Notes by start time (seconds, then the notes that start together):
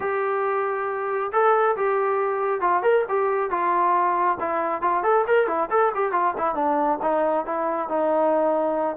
0.00 G4
1.32 A4
1.76 G4
2.61 F4
2.82 A#4
3.08 G4
3.50 F4
4.40 E4
4.81 F4
5.03 A4
5.27 A#4
5.47 E4
5.70 A4
5.94 G4
6.12 F4
6.37 E4
6.55 D4
7.02 D#4
7.45 E4
7.89 D#4